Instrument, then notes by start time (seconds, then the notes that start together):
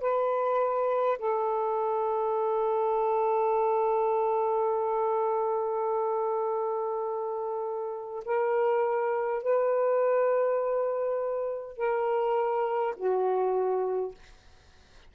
saxophone
0.00 B4
1.18 A4
8.25 A#4
9.42 B4
11.77 A#4
12.96 F#4